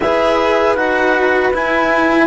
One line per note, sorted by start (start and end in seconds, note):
0.00 0.75 E4
0.00 0.76 G#4
0.00 2.25 B4
0.00 0.75 E5
0.75 1.51 D#4
0.75 1.52 F#4
0.75 1.51 F#5
1.53 2.27 E4
1.53 2.27 G#5